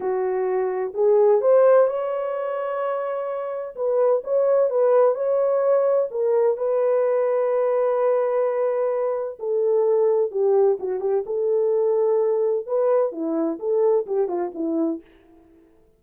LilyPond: \new Staff \with { instrumentName = "horn" } { \time 4/4 \tempo 4 = 128 fis'2 gis'4 c''4 | cis''1 | b'4 cis''4 b'4 cis''4~ | cis''4 ais'4 b'2~ |
b'1 | a'2 g'4 fis'8 g'8 | a'2. b'4 | e'4 a'4 g'8 f'8 e'4 | }